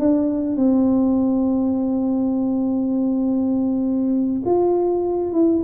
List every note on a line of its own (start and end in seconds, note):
0.00 0.57 D4
0.57 4.43 C4
4.46 5.33 F4
5.33 5.63 E4